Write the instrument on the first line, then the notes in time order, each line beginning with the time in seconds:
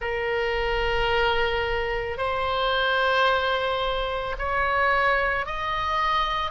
oboe
0.00 A#4
2.17 C5
4.38 C#5
5.45 D#5